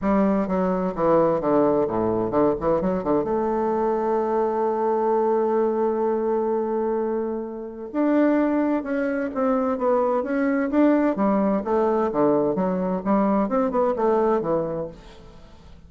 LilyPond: \new Staff \with { instrumentName = "bassoon" } { \time 4/4 \tempo 4 = 129 g4 fis4 e4 d4 | a,4 d8 e8 fis8 d8 a4~ | a1~ | a1~ |
a4 d'2 cis'4 | c'4 b4 cis'4 d'4 | g4 a4 d4 fis4 | g4 c'8 b8 a4 e4 | }